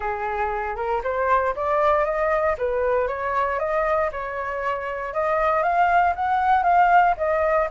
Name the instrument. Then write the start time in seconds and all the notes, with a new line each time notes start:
flute
0.00 G#4
0.76 A#4
1.03 C5
1.55 D5
2.04 D#5
2.58 B4
3.07 C#5
3.59 D#5
4.12 C#5
5.13 D#5
5.62 F5
6.15 F#5
6.63 F5
7.17 D#5